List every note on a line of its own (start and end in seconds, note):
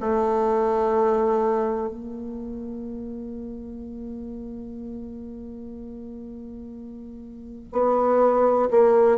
0.00 1.88 A3
1.88 7.68 A#3
7.72 8.69 B3
8.70 9.18 A#3